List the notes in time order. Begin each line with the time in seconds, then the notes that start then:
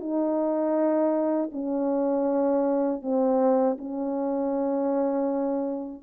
0.00 D#4
1.52 C#4
3.02 C4
3.78 C#4